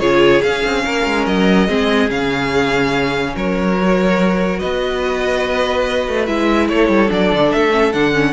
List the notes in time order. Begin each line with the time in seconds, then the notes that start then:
0.00 C#3 F4 G#4 C#5
0.42 C#4 F5
0.66 C4
0.85 A#3 A#4
1.06 G#3
1.27 F#3 D#5
1.68 G#3 C4 G#4
2.09 C#3 C#4 F5
3.36 F#3 A#4 C#5
3.82 F#4
4.59 B3 B4 D#5
6.08 A3
6.26 G#3 E4 E5
6.69 A3 A4 C#5
6.89 G3
7.08 F#3 D4 D5
7.33 D3
7.52 A3 E5
7.71 C#4
7.93 D3 D4 F#5
8.13 C#4